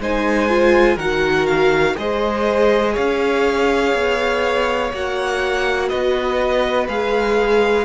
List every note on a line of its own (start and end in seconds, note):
0.00 0.97 G#3
0.00 0.49 D#4
0.00 0.96 C5
0.00 0.99 G#5
0.49 0.98 F4
0.96 1.96 D#3
0.96 1.95 F#4
0.96 1.94 A#4
0.96 1.47 F#5
1.47 1.96 F5
1.95 2.97 G#3
1.95 4.91 G#4
1.95 2.93 C5
1.95 2.96 D#5
2.93 3.94 C#4
2.93 5.89 C#5
2.93 4.93 F5
3.94 4.92 B3
4.93 5.92 A#3
4.93 6.89 F#4
4.93 5.89 F#5
5.89 6.88 B3
5.89 7.86 B4
5.89 6.87 D#5
6.88 7.86 G#3
6.88 7.86 G#4
6.88 7.86 F5